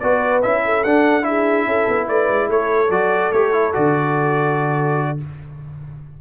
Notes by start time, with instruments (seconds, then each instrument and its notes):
0.00 tuba B3, trombone F#4, horn B4, trumpet D5
0.43 tuba C#4, trombone E4, trumpet E5
0.65 horn A4
0.84 tuba D4, trombone D4, trumpet F#5
1.23 trombone E4, horn G#4, trumpet E5
1.67 tuba C#4, horn A4
1.88 tuba B3
2.09 tuba A3, horn B4, trumpet D5
2.29 tuba G#3
2.49 tuba A3, horn A4, trumpet C#5
2.90 tuba F#3, trombone F#4, trumpet D5
3.32 tuba A3, trombone G4, trumpet C#5
3.53 trombone E4
3.73 tuba D3, trombone F#4, trumpet D5